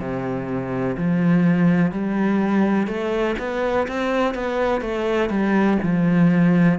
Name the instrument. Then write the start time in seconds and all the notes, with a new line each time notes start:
cello
0.00 C3
0.98 F3
1.92 G3
2.87 A3
3.39 B3
3.88 C4
4.35 B3
4.82 A3
5.30 G3
5.83 F3